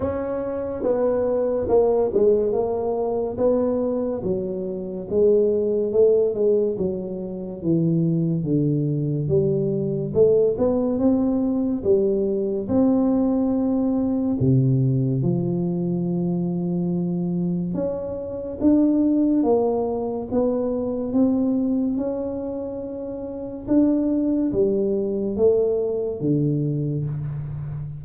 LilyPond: \new Staff \with { instrumentName = "tuba" } { \time 4/4 \tempo 4 = 71 cis'4 b4 ais8 gis8 ais4 | b4 fis4 gis4 a8 gis8 | fis4 e4 d4 g4 | a8 b8 c'4 g4 c'4~ |
c'4 c4 f2~ | f4 cis'4 d'4 ais4 | b4 c'4 cis'2 | d'4 g4 a4 d4 | }